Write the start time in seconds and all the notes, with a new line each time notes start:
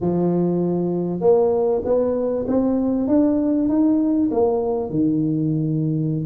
0.00 F3
1.20 A#3
1.84 B3
2.47 C4
3.07 D4
3.68 D#4
4.31 A#3
4.90 D#3